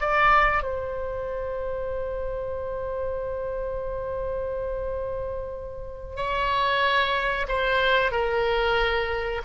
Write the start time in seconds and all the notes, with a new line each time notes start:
0.00 D5
0.63 C5
6.16 C#5
7.48 C5
8.11 A#4